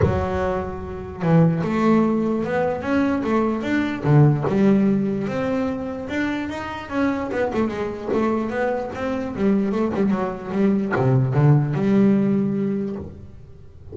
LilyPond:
\new Staff \with { instrumentName = "double bass" } { \time 4/4 \tempo 4 = 148 fis2. e4 | a2 b4 cis'4 | a4 d'4 d4 g4~ | g4 c'2 d'4 |
dis'4 cis'4 b8 a8 gis4 | a4 b4 c'4 g4 | a8 g8 fis4 g4 c4 | d4 g2. | }